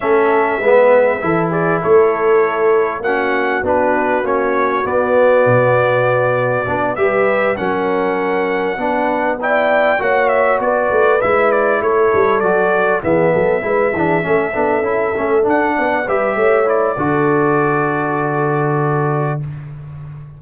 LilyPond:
<<
  \new Staff \with { instrumentName = "trumpet" } { \time 4/4 \tempo 4 = 99 e''2~ e''8 d''8 cis''4~ | cis''4 fis''4 b'4 cis''4 | d''2.~ d''8 e''8~ | e''8 fis''2. g''8~ |
g''8 fis''8 e''8 d''4 e''8 d''8 cis''8~ | cis''8 d''4 e''2~ e''8~ | e''4. fis''4 e''4 d''8~ | d''1 | }
  \new Staff \with { instrumentName = "horn" } { \time 4/4 a'4 b'4 a'8 gis'8 a'4~ | a'4 fis'2.~ | fis'2.~ fis'8 b'8~ | b'8 ais'2 b'4 d''8~ |
d''8 cis''4 b'2 a'8~ | a'4. gis'8 a'8 b'8 gis'8 a'8~ | a'2 d''8 b'8 cis''4 | a'1 | }
  \new Staff \with { instrumentName = "trombone" } { \time 4/4 cis'4 b4 e'2~ | e'4 cis'4 d'4 cis'4 | b2. d'8 g'8~ | g'8 cis'2 d'4 e'8~ |
e'8 fis'2 e'4.~ | e'8 fis'4 b4 e'8 d'8 cis'8 | d'8 e'8 cis'8 d'4 g'4 e'8 | fis'1 | }
  \new Staff \with { instrumentName = "tuba" } { \time 4/4 a4 gis4 e4 a4~ | a4 ais4 b4 ais4 | b4 b,2 b8 g8~ | g8 fis2 b4.~ |
b8 ais4 b8 a8 gis4 a8 | g8 fis4 e8 fis8 gis8 e8 a8 | b8 cis'8 a8 d'8 b8 g8 a4 | d1 | }
>>